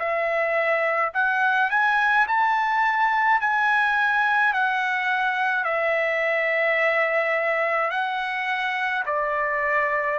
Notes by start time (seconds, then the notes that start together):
0.00 E5
1.14 F#5
1.70 G#5
2.28 A5
3.41 G#5
4.54 F#5
5.64 E5
7.91 F#5
9.06 D5